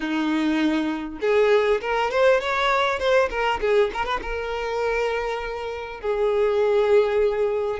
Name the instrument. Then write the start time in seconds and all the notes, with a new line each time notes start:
violin
0.00 D#4
1.20 G#4
1.81 A#4
2.11 C5
2.40 C#5
2.99 C5
3.30 A#4
3.60 G#4
3.93 A#4
4.05 B4
4.21 A#4
6.00 G#4